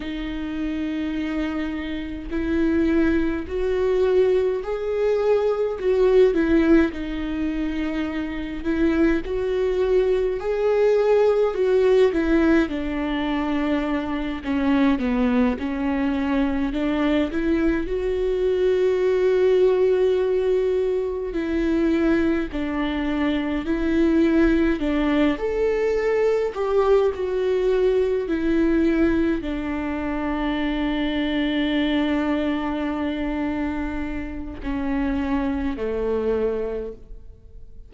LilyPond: \new Staff \with { instrumentName = "viola" } { \time 4/4 \tempo 4 = 52 dis'2 e'4 fis'4 | gis'4 fis'8 e'8 dis'4. e'8 | fis'4 gis'4 fis'8 e'8 d'4~ | d'8 cis'8 b8 cis'4 d'8 e'8 fis'8~ |
fis'2~ fis'8 e'4 d'8~ | d'8 e'4 d'8 a'4 g'8 fis'8~ | fis'8 e'4 d'2~ d'8~ | d'2 cis'4 a4 | }